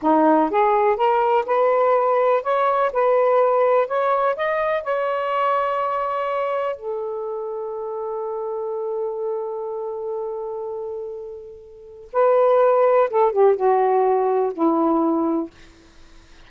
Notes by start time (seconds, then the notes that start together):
0.02 D#4
0.50 G#4
0.96 A#4
1.46 B4
2.42 C#5
2.93 B4
3.87 C#5
4.36 D#5
4.83 C#5
6.76 A4
12.12 B4
13.10 A4
13.32 G4
13.56 F#4
14.53 E4